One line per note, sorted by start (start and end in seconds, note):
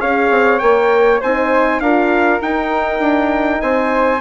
0.00 0.30 C#4
0.00 0.61 G#4
0.00 1.21 C#5
0.00 0.59 F5
0.30 0.60 C4
0.59 1.22 A#3
0.59 1.21 A#4
0.59 1.19 G5
1.21 1.80 C4
1.21 1.83 D#4
1.21 1.81 C5
1.21 1.80 G#5
1.80 2.40 D4
1.80 2.40 F4
1.80 3.62 A#4
1.80 2.40 F5
2.40 4.20 D#4
2.40 3.00 D#4
2.40 3.61 G5
3.00 3.60 D4
3.61 4.21 C4
3.61 4.21 C5
3.61 4.21 G#5